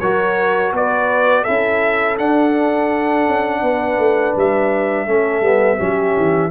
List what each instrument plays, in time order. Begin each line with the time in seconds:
0.00 tuba F#3, trombone F#4, horn A#4, trumpet C#5
0.72 tuba B3, horn B4, trumpet D5
1.43 tuba C#4, trombone E4, horn A4, trumpet E5
2.18 trombone D4, tuba D4, trumpet F#5
3.26 tuba C#4
3.62 tuba B3, horn B4
3.98 tuba A3
4.36 tuba G3, trumpet E5
5.07 tuba A3, trombone C#4, horn A4
5.41 tuba G3, trombone B3
5.78 tuba F#3, trombone C#4, horn G4
6.17 tuba E3